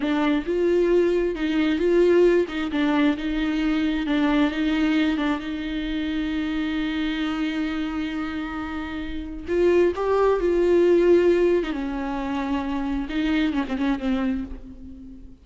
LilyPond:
\new Staff \with { instrumentName = "viola" } { \time 4/4 \tempo 4 = 133 d'4 f'2 dis'4 | f'4. dis'8 d'4 dis'4~ | dis'4 d'4 dis'4. d'8 | dis'1~ |
dis'1~ | dis'4 f'4 g'4 f'4~ | f'4.~ f'16 dis'16 cis'2~ | cis'4 dis'4 cis'16 c'16 cis'8 c'4 | }